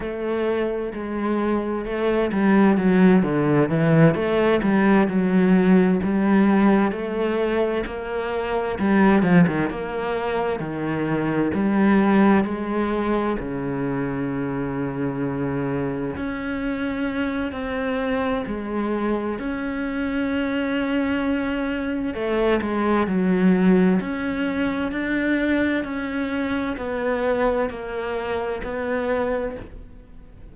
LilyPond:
\new Staff \with { instrumentName = "cello" } { \time 4/4 \tempo 4 = 65 a4 gis4 a8 g8 fis8 d8 | e8 a8 g8 fis4 g4 a8~ | a8 ais4 g8 f16 dis16 ais4 dis8~ | dis8 g4 gis4 cis4.~ |
cis4. cis'4. c'4 | gis4 cis'2. | a8 gis8 fis4 cis'4 d'4 | cis'4 b4 ais4 b4 | }